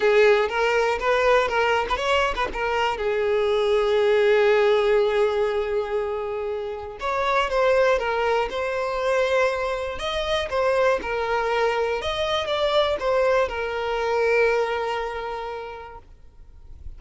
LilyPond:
\new Staff \with { instrumentName = "violin" } { \time 4/4 \tempo 4 = 120 gis'4 ais'4 b'4 ais'8. b'16 | cis''8. b'16 ais'4 gis'2~ | gis'1~ | gis'2 cis''4 c''4 |
ais'4 c''2. | dis''4 c''4 ais'2 | dis''4 d''4 c''4 ais'4~ | ais'1 | }